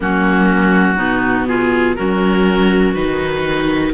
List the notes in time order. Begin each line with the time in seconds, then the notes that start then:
0.00 F#3 A#3 C#4 F#4
0.96 B2 B3 D#4
1.47 F4 G#4
1.95 F#3 C#4 F#4 A#4
2.93 D#3 D#4 B4